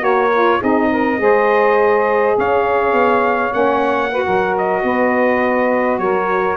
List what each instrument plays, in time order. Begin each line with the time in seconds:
0.00 tuba A#3, saxophone F#4 A#4, trumpet C#5
0.34 saxophone F4
0.59 tuba C4, saxophone D#4 G#4, trumpet D#5
0.91 saxophone A#4
1.18 tuba G#3, saxophone G#4 C5
2.37 tuba C#4, saxophone C#5, trumpet F5
2.93 tuba B3
3.51 tuba A#3, saxophone C#4, trumpet F#5
4.11 saxophone F#4 B4
4.24 tuba F#3, saxophone A#4
4.58 trumpet D#5
4.84 tuba B3, saxophone B4
5.99 tuba F#3, saxophone A#4, trumpet C#5